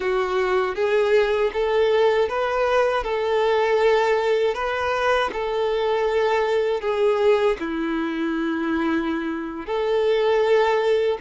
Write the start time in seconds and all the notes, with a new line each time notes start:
0.00 F#4
0.75 G#4
1.53 A4
2.28 B4
3.03 A4
4.54 B4
5.33 A4
6.80 G#4
7.59 E4
9.66 A4